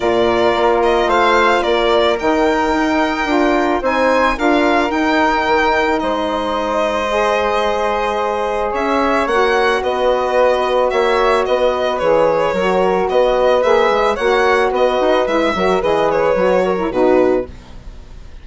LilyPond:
<<
  \new Staff \with { instrumentName = "violin" } { \time 4/4 \tempo 4 = 110 d''4. dis''8 f''4 d''4 | g''2. gis''4 | f''4 g''2 dis''4~ | dis''1 |
e''4 fis''4 dis''2 | e''4 dis''4 cis''2 | dis''4 e''4 fis''4 dis''4 | e''4 dis''8 cis''4. b'4 | }
  \new Staff \with { instrumentName = "flute" } { \time 4/4 ais'2 c''4 ais'4~ | ais'2. c''4 | ais'2. c''4~ | c''1 |
cis''2 b'2 | cis''4 b'2 ais'4 | b'2 cis''4 b'4~ | b'8 ais'8 b'4. ais'8 fis'4 | }
  \new Staff \with { instrumentName = "saxophone" } { \time 4/4 f'1 | dis'2 f'4 dis'4 | f'4 dis'2.~ | dis'4 gis'2.~ |
gis'4 fis'2.~ | fis'2 gis'4 fis'4~ | fis'4 gis'4 fis'2 | e'8 fis'8 gis'4 fis'8. e'16 dis'4 | }
  \new Staff \with { instrumentName = "bassoon" } { \time 4/4 ais,4 ais4 a4 ais4 | dis4 dis'4 d'4 c'4 | d'4 dis'4 dis4 gis4~ | gis1 |
cis'4 ais4 b2 | ais4 b4 e4 fis4 | b4 ais8 gis8 ais4 b8 dis'8 | gis8 fis8 e4 fis4 b,4 | }
>>